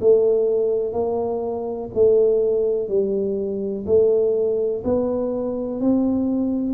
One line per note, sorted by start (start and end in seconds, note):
0.00 0.93 A3
0.93 1.90 A#3
1.94 2.88 A3
2.88 3.85 G3
3.86 4.83 A3
4.83 5.80 B3
5.80 6.73 C4